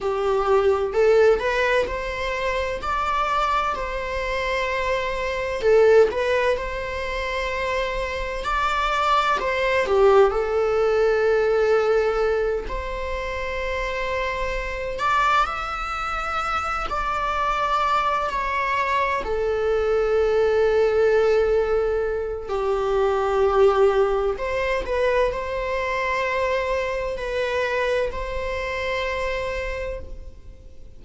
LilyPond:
\new Staff \with { instrumentName = "viola" } { \time 4/4 \tempo 4 = 64 g'4 a'8 b'8 c''4 d''4 | c''2 a'8 b'8 c''4~ | c''4 d''4 c''8 g'8 a'4~ | a'4. c''2~ c''8 |
d''8 e''4. d''4. cis''8~ | cis''8 a'2.~ a'8 | g'2 c''8 b'8 c''4~ | c''4 b'4 c''2 | }